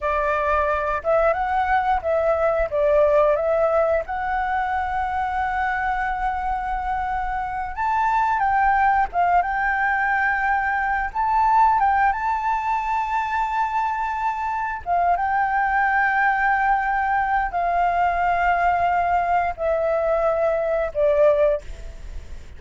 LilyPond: \new Staff \with { instrumentName = "flute" } { \time 4/4 \tempo 4 = 89 d''4. e''8 fis''4 e''4 | d''4 e''4 fis''2~ | fis''2.~ fis''8 a''8~ | a''8 g''4 f''8 g''2~ |
g''8 a''4 g''8 a''2~ | a''2 f''8 g''4.~ | g''2 f''2~ | f''4 e''2 d''4 | }